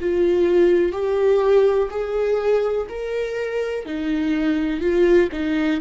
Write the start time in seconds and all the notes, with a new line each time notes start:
0.00 F4
0.92 G4
1.90 G#4
2.89 A#4
3.85 D#4
4.80 F4
5.32 D#4